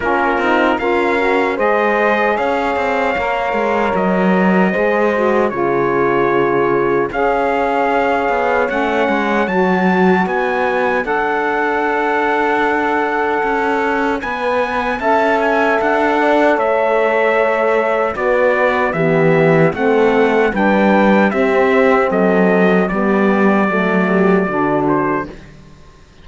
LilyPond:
<<
  \new Staff \with { instrumentName = "trumpet" } { \time 4/4 \tempo 4 = 76 ais'4 f''4 dis''4 f''4~ | f''4 dis''2 cis''4~ | cis''4 f''2 fis''4 | a''4 gis''4 fis''2~ |
fis''2 gis''4 a''8 gis''8 | fis''4 e''2 d''4 | e''4 fis''4 g''4 e''4 | dis''4 d''2~ d''8 c''8 | }
  \new Staff \with { instrumentName = "horn" } { \time 4/4 f'4 ais'4 c''4 cis''4~ | cis''2 c''4 gis'4~ | gis'4 cis''2.~ | cis''4 d''2.~ |
d''2. e''4~ | e''8 d''8 cis''2 b'4 | g'4 a'4 b'4 g'4 | a'4 g'4 a'8 g'8 fis'4 | }
  \new Staff \with { instrumentName = "saxophone" } { \time 4/4 cis'8 dis'8 f'8 fis'8 gis'2 | ais'2 gis'8 fis'8 f'4~ | f'4 gis'2 cis'4 | fis'2 a'2~ |
a'2 b'4 a'4~ | a'2. fis'4 | b4 c'4 d'4 c'4~ | c'4 b4 a4 d'4 | }
  \new Staff \with { instrumentName = "cello" } { \time 4/4 ais8 c'8 cis'4 gis4 cis'8 c'8 | ais8 gis8 fis4 gis4 cis4~ | cis4 cis'4. b8 a8 gis8 | fis4 b4 d'2~ |
d'4 cis'4 b4 cis'4 | d'4 a2 b4 | e4 a4 g4 c'4 | fis4 g4 fis4 d4 | }
>>